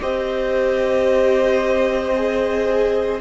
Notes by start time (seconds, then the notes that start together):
0.00 C4 G4 C5 D#5
2.16 G#4